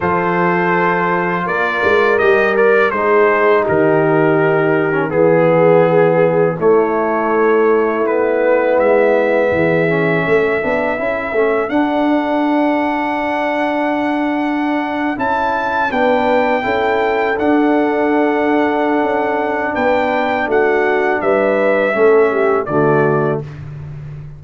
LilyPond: <<
  \new Staff \with { instrumentName = "trumpet" } { \time 4/4 \tempo 4 = 82 c''2 d''4 dis''8 d''8 | c''4 ais'2 gis'4~ | gis'4 cis''2 b'4 | e''1 |
fis''1~ | fis''8. a''4 g''2 fis''16~ | fis''2. g''4 | fis''4 e''2 d''4 | }
  \new Staff \with { instrumentName = "horn" } { \time 4/4 a'2 ais'2 | gis'4 g'2 gis'4~ | gis'4 e'2.~ | e'4 gis'4 a'2~ |
a'1~ | a'4.~ a'16 b'4 a'4~ a'16~ | a'2. b'4 | fis'4 b'4 a'8 g'8 fis'4 | }
  \new Staff \with { instrumentName = "trombone" } { \time 4/4 f'2. g'8 ais'8 | dis'2~ dis'8. cis'16 b4~ | b4 a2 b4~ | b4. cis'4 d'8 e'8 cis'8 |
d'1~ | d'8. e'4 d'4 e'4 d'16~ | d'1~ | d'2 cis'4 a4 | }
  \new Staff \with { instrumentName = "tuba" } { \time 4/4 f2 ais8 gis8 g4 | gis4 dis2 e4~ | e4 a2. | gis4 e4 a8 b8 cis'8 a8 |
d'1~ | d'8. cis'4 b4 cis'4 d'16~ | d'2 cis'4 b4 | a4 g4 a4 d4 | }
>>